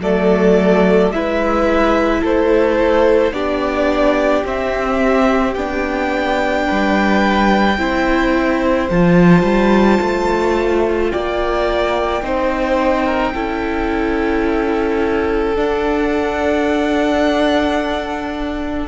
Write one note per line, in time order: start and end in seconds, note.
0.00 1.11 F#3
0.00 1.13 A3
0.00 1.13 A4
0.00 1.12 D5
1.11 2.22 G#3
1.11 3.33 E4
1.11 2.21 B4
1.11 2.23 E5
2.21 3.32 A3
2.21 3.32 A4
2.21 3.33 C5
3.32 4.43 B3
3.32 4.44 D4
3.32 6.66 G4
3.32 4.44 D5
4.44 5.55 C4
4.44 5.56 C4
4.44 5.54 E5
5.54 6.66 B3
5.54 7.78 D4
5.54 8.87 G5
6.66 7.78 G3
6.66 7.78 B4
7.78 8.89 C4
7.78 8.89 E4
7.78 11.12 C5
8.90 9.43 F3
8.90 12.22 F4
8.90 11.11 A5
9.43 9.98 G3
10.01 11.12 A3
11.11 12.22 A#3
11.11 12.23 D5
11.11 15.55 G5
12.22 13.33 C4
12.22 13.34 D#4
12.22 13.06 C5
13.06 13.33 A#4
13.34 15.57 C#4
13.34 15.55 E4
13.34 18.88 A4
15.55 18.88 D4
15.55 18.88 F#5